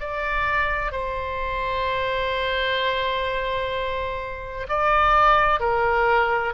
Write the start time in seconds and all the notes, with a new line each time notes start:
0.00 D5
0.92 C5
4.69 D5
5.60 A#4